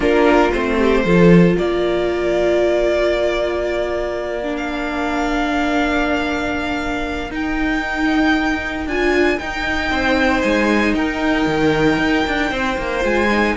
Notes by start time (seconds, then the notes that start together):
0.00 A#3 D4 F4 A#4
0.51 A3 C4 C5
0.78 G4
1.04 F3 F4 A4
1.55 A#3 A#4 D5
4.42 D4
4.56 F5
7.30 D#4 G5
8.86 D4 F4 G#5
9.39 D#4 G5
9.90 C4 C5
10.41 G#3 G#5
10.94 D#4 A#4 G5
11.47 D#3
11.97 D#4
12.27 D4
12.50 C4 C5
12.78 A#3
13.01 G#3 F4 G#5
13.31 D#4